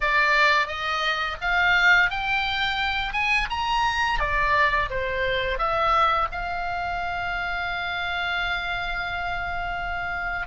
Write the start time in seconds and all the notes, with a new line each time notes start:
0.00 D5
0.67 D#5
1.41 F5
2.10 G5
3.12 G#5
3.50 A#5
4.19 D5
4.90 C5
5.58 E5
6.31 F5